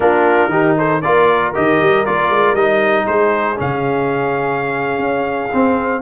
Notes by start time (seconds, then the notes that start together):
0.00 A#3 D4 F4 A#4
0.48 D#3 D#4 G4
0.78 A4 C5
1.01 A#3 F4 A#4 D5
1.54 D#3 G4 D#5
1.80 G3
2.05 A#3 F4 D5
2.29 G#3
2.53 G3 D#4 D#5
3.06 G#3 G#4 C5
3.56 C#3 C#4 F5
4.98 C#4
5.53 C4